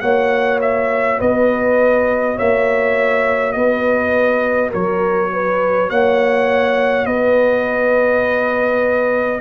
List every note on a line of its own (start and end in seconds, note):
0.00 1.19 A#3
0.00 9.41 F#4
0.00 1.19 C#5
0.00 0.59 F#5
0.61 1.20 E5
1.19 2.38 B3
1.19 2.36 B4
1.19 2.38 D#5
2.36 3.55 A#3
2.36 3.54 C#5
2.36 3.52 E5
3.52 4.73 B3
3.52 4.71 B4
3.52 4.70 D#5
4.71 5.90 F#3
4.71 5.29 A#4
4.71 5.90 C#5
5.33 5.90 B4
5.90 7.06 A#3
5.90 7.06 C#5
5.90 7.06 F#5
7.06 9.41 B3
7.06 9.41 B4
7.06 9.41 D#5